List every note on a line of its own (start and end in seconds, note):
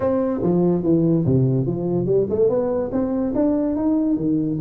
0.00 0.41 C4
0.42 0.83 F3
0.83 1.24 E3
1.25 1.66 C3
1.66 2.05 F3
2.05 2.26 G3
2.29 2.49 A3
2.49 2.90 B3
2.91 3.33 C4
3.34 3.76 D4
3.76 4.16 D#4
4.16 4.58 D#3